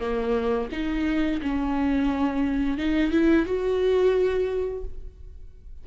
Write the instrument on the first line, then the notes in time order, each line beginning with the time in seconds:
viola
0.00 A#3
0.72 D#4
1.42 C#4
2.78 D#4
3.12 E4
3.46 F#4